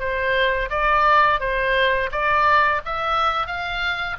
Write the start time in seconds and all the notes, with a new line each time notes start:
0.00 C5
0.70 D5
1.40 C5
2.12 D5
2.86 E5
3.47 F5